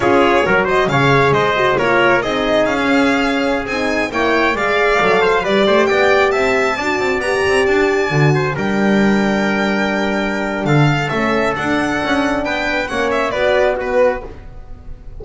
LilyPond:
<<
  \new Staff \with { instrumentName = "violin" } { \time 4/4 \tempo 4 = 135 cis''4. dis''8 f''4 dis''4 | cis''4 dis''4 f''2~ | f''16 gis''4 g''4 f''4.~ f''16~ | f''16 d''4 g''4 a''4.~ a''16~ |
a''16 ais''4 a''2 g''8.~ | g''1 | f''4 e''4 fis''2 | g''4 fis''8 e''8 d''4 b'4 | }
  \new Staff \with { instrumentName = "trumpet" } { \time 4/4 gis'4 ais'8 c''8 cis''4 c''4 | ais'4 gis'2.~ | gis'4~ gis'16 cis''4 d''4. c''16~ | c''16 b'8 c''8 d''4 e''4 d''8.~ |
d''2~ d''8. c''8 ais'8.~ | ais'1 | a'1 | b'4 cis''4 b'4 fis'4 | }
  \new Staff \with { instrumentName = "horn" } { \time 4/4 f'4 fis'4 gis'4. fis'8 | f'4 dis'4~ dis'16 cis'4.~ cis'16~ | cis'16 dis'4 e'4 gis'4 a'8.~ | a'16 g'2. fis'8.~ |
fis'16 g'2 fis'4 d'8.~ | d'1~ | d'4 cis'4 d'2~ | d'4 cis'4 fis'4 b4 | }
  \new Staff \with { instrumentName = "double bass" } { \time 4/4 cis'4 fis4 cis4 gis4 | ais4 c'4 cis'2~ | cis'16 c'4 ais4 gis4 fis8.~ | fis16 g8 a8 b4 c'4 d'8 c'16~ |
c'16 b8 c'8 d'4 d4 g8.~ | g1 | d4 a4 d'4 cis'4 | b4 ais4 b2 | }
>>